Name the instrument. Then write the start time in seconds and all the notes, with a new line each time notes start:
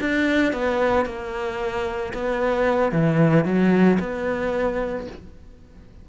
cello
0.00 D4
0.52 B3
1.05 A#3
2.13 B3
2.91 E3
3.44 F#3
3.99 B3